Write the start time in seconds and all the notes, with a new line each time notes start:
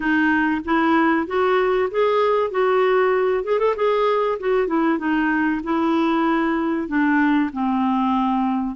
0.00 D#4
0.64 E4
1.26 F#4
1.91 G#4
2.51 F#4
3.44 G#4
3.59 A4
3.76 G#4
4.39 F#4
4.67 E4
4.98 D#4
5.63 E4
6.88 D4
7.52 C4